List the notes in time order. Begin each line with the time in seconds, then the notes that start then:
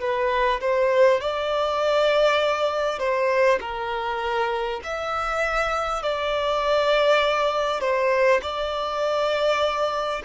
0.00 B4
0.60 C5
1.20 D5
2.98 C5
3.60 A#4
4.83 E5
6.02 D5
7.81 C5
8.42 D5